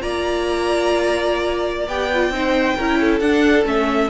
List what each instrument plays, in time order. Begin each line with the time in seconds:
0.00 cello A#3, viola F4, violin D5 A#5
1.87 cello B3, viola G4, violin G5
2.14 viola F4
2.29 cello C4, viola D#4
2.35 violin C5
2.76 cello C#4, viola E4, violin A#4
3.00 violin A4
3.19 cello D4, viola D4, violin F#5
3.65 cello A3, viola C#4, violin E5